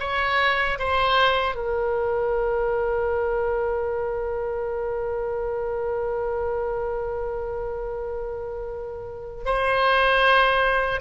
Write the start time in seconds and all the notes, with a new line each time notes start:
0.00 C#5
0.79 C5
1.56 A#4
9.46 C5